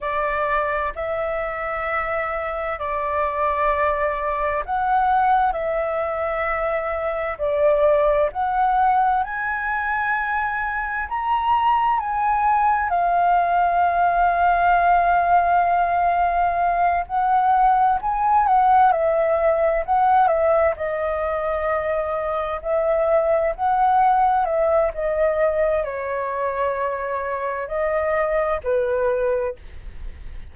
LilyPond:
\new Staff \with { instrumentName = "flute" } { \time 4/4 \tempo 4 = 65 d''4 e''2 d''4~ | d''4 fis''4 e''2 | d''4 fis''4 gis''2 | ais''4 gis''4 f''2~ |
f''2~ f''8 fis''4 gis''8 | fis''8 e''4 fis''8 e''8 dis''4.~ | dis''8 e''4 fis''4 e''8 dis''4 | cis''2 dis''4 b'4 | }